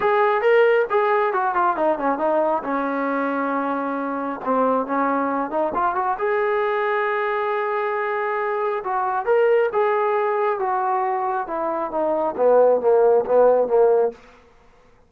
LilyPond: \new Staff \with { instrumentName = "trombone" } { \time 4/4 \tempo 4 = 136 gis'4 ais'4 gis'4 fis'8 f'8 | dis'8 cis'8 dis'4 cis'2~ | cis'2 c'4 cis'4~ | cis'8 dis'8 f'8 fis'8 gis'2~ |
gis'1 | fis'4 ais'4 gis'2 | fis'2 e'4 dis'4 | b4 ais4 b4 ais4 | }